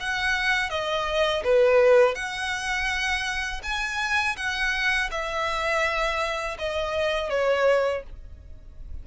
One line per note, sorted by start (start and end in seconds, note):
0.00 0.70 F#5
0.70 1.43 D#5
1.44 2.15 B4
2.15 3.62 F#5
3.63 4.36 G#5
4.37 5.10 F#5
5.11 6.58 E5
6.59 7.30 D#5
7.30 8.03 C#5